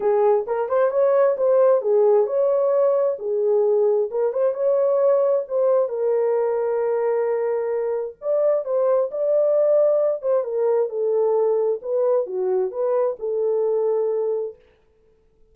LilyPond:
\new Staff \with { instrumentName = "horn" } { \time 4/4 \tempo 4 = 132 gis'4 ais'8 c''8 cis''4 c''4 | gis'4 cis''2 gis'4~ | gis'4 ais'8 c''8 cis''2 | c''4 ais'2.~ |
ais'2 d''4 c''4 | d''2~ d''8 c''8 ais'4 | a'2 b'4 fis'4 | b'4 a'2. | }